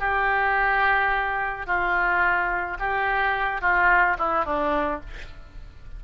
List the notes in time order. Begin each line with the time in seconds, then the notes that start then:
0.00 G4
1.67 F4
2.80 G4
3.62 F4
4.19 E4
4.45 D4